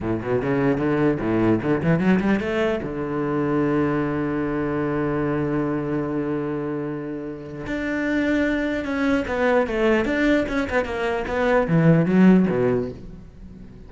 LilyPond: \new Staff \with { instrumentName = "cello" } { \time 4/4 \tempo 4 = 149 a,8 b,8 cis4 d4 a,4 | d8 e8 fis8 g8 a4 d4~ | d1~ | d1~ |
d2. d'4~ | d'2 cis'4 b4 | a4 d'4 cis'8 b8 ais4 | b4 e4 fis4 b,4 | }